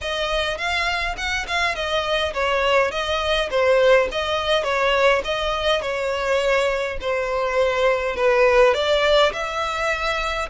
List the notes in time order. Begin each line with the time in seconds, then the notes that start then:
0.01 D#5
0.57 F5
1.17 F#5
1.47 F5
1.75 D#5
2.33 C#5
2.91 D#5
3.50 C5
4.11 D#5
4.63 C#5
5.24 D#5
5.81 C#5
7.00 C5
8.16 B4
8.74 D5
9.32 E5